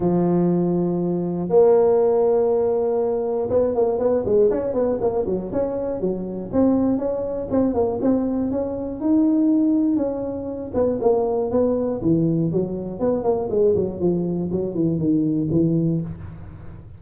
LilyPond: \new Staff \with { instrumentName = "tuba" } { \time 4/4 \tempo 4 = 120 f2. ais4~ | ais2. b8 ais8 | b8 gis8 cis'8 b8 ais8 fis8 cis'4 | fis4 c'4 cis'4 c'8 ais8 |
c'4 cis'4 dis'2 | cis'4. b8 ais4 b4 | e4 fis4 b8 ais8 gis8 fis8 | f4 fis8 e8 dis4 e4 | }